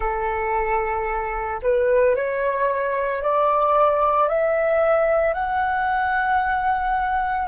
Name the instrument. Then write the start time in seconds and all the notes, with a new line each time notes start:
flute
0.00 A4
1.62 B4
2.15 C#5
3.22 D5
4.28 E5
5.33 F#5